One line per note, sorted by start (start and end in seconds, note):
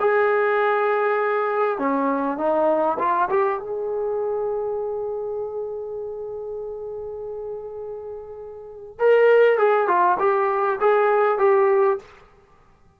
0.00 1.78 G#4
1.78 2.38 C#4
2.38 2.98 D#4
2.99 3.29 F4
3.30 3.59 G4
3.59 8.99 G#4
8.99 9.58 A#4
9.58 9.88 G#4
9.88 10.18 F4
10.19 10.79 G4
10.80 11.38 G#4
11.38 11.98 G4